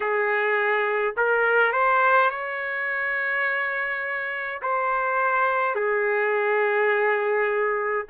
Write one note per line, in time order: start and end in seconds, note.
0.00 1.14 G#4
1.16 1.72 A#4
1.72 2.30 C5
2.30 4.61 C#5
4.62 5.75 C5
5.75 8.06 G#4